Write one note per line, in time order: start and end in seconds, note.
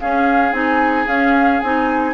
0.00 0.53 C#4
0.00 2.15 G#4
0.00 0.53 F5
0.53 1.07 C4
0.53 1.07 D#4
0.53 1.07 G#5
1.07 1.61 C#4
1.07 1.63 C#4
1.07 1.61 F5
1.61 2.15 C4
1.61 2.15 D#4
1.61 2.15 G#5